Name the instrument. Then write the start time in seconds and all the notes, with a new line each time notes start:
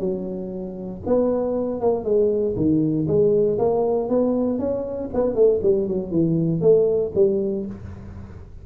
tuba
0.00 F#3
1.07 B3
1.81 A#3
2.04 G#3
2.56 D#3
3.08 G#3
3.59 A#3
4.09 B3
4.59 C#4
5.14 B3
5.35 A3
5.63 G3
5.88 F#3
6.11 E3
6.61 A3
7.15 G3